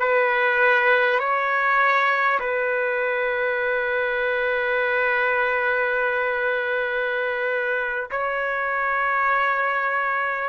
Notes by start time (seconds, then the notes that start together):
0.00 B4
1.19 C#5
2.40 B4
8.11 C#5